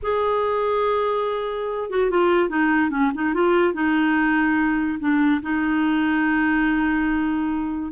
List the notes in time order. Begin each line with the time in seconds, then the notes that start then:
0.02 G#4
1.89 F#4
2.10 F4
2.49 D#4
2.90 C#4
3.14 D#4
3.34 F4
3.73 D#4
4.99 D4
5.41 D#4